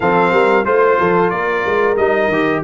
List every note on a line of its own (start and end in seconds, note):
0.00 0.32 F3
0.00 0.65 C4
0.00 0.32 A4
0.00 0.65 F5
0.32 0.65 G3
0.32 0.65 A#4
0.65 0.98 A3
0.65 1.96 F4
0.65 1.30 C5
0.65 0.99 C5
0.99 1.31 F3
0.99 1.32 A4
1.30 1.64 A#3
1.30 2.63 A#4
1.30 1.95 D5
1.65 1.96 G#3
1.96 2.28 G3
1.96 2.32 D#4
1.96 2.62 D#5
2.28 2.61 D#3
2.28 2.63 G4